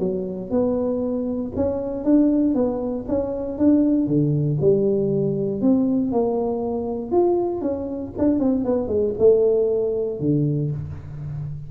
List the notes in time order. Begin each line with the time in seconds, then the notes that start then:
0.00 F#3
0.51 B3
1.56 C#4
2.05 D4
2.55 B3
3.09 C#4
3.58 D4
4.07 D3
4.61 G3
5.62 C4
6.12 A#3
7.12 F4
7.62 C#4
8.19 D4
8.40 C4
8.65 B3
8.88 G#3
9.19 A3
10.20 D3